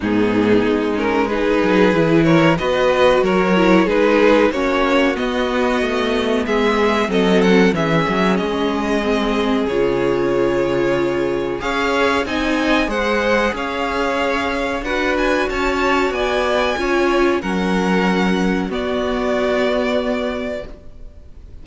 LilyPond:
<<
  \new Staff \with { instrumentName = "violin" } { \time 4/4 \tempo 4 = 93 gis'4. ais'8 b'4. cis''8 | dis''4 cis''4 b'4 cis''4 | dis''2 e''4 dis''8 fis''8 | e''4 dis''2 cis''4~ |
cis''2 f''4 gis''4 | fis''4 f''2 fis''8 gis''8 | a''4 gis''2 fis''4~ | fis''4 d''2. | }
  \new Staff \with { instrumentName = "violin" } { \time 4/4 dis'2 gis'4. ais'8 | b'4 ais'4 gis'4 fis'4~ | fis'2 gis'4 a'4 | gis'1~ |
gis'2 cis''4 dis''4 | c''4 cis''2 b'4 | cis''4 d''4 cis''4 ais'4~ | ais'4 fis'2. | }
  \new Staff \with { instrumentName = "viola" } { \time 4/4 b4. cis'8 dis'4 e'4 | fis'4. e'8 dis'4 cis'4 | b2. c'4 | cis'2 c'4 f'4~ |
f'2 gis'4 dis'4 | gis'2. fis'4~ | fis'2 f'4 cis'4~ | cis'4 b2. | }
  \new Staff \with { instrumentName = "cello" } { \time 4/4 gis,4 gis4. fis8 e4 | b4 fis4 gis4 ais4 | b4 a4 gis4 fis4 | e8 fis8 gis2 cis4~ |
cis2 cis'4 c'4 | gis4 cis'2 d'4 | cis'4 b4 cis'4 fis4~ | fis4 b2. | }
>>